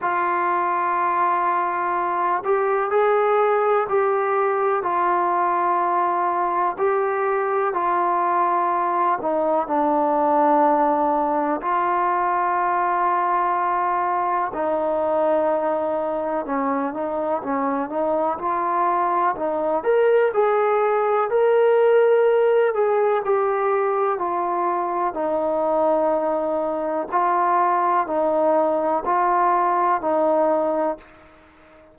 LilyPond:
\new Staff \with { instrumentName = "trombone" } { \time 4/4 \tempo 4 = 62 f'2~ f'8 g'8 gis'4 | g'4 f'2 g'4 | f'4. dis'8 d'2 | f'2. dis'4~ |
dis'4 cis'8 dis'8 cis'8 dis'8 f'4 | dis'8 ais'8 gis'4 ais'4. gis'8 | g'4 f'4 dis'2 | f'4 dis'4 f'4 dis'4 | }